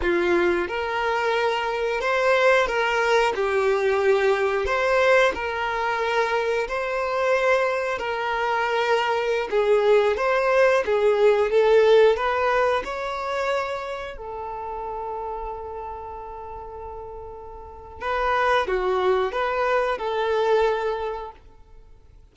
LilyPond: \new Staff \with { instrumentName = "violin" } { \time 4/4 \tempo 4 = 90 f'4 ais'2 c''4 | ais'4 g'2 c''4 | ais'2 c''2 | ais'2~ ais'16 gis'4 c''8.~ |
c''16 gis'4 a'4 b'4 cis''8.~ | cis''4~ cis''16 a'2~ a'8.~ | a'2. b'4 | fis'4 b'4 a'2 | }